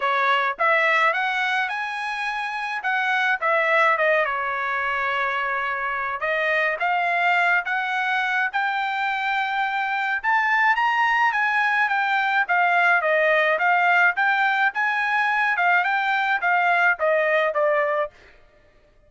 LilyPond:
\new Staff \with { instrumentName = "trumpet" } { \time 4/4 \tempo 4 = 106 cis''4 e''4 fis''4 gis''4~ | gis''4 fis''4 e''4 dis''8 cis''8~ | cis''2. dis''4 | f''4. fis''4. g''4~ |
g''2 a''4 ais''4 | gis''4 g''4 f''4 dis''4 | f''4 g''4 gis''4. f''8 | g''4 f''4 dis''4 d''4 | }